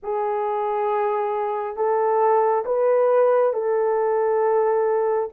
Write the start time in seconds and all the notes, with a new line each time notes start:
0.02 G#4
1.76 A4
2.65 B4
3.53 A4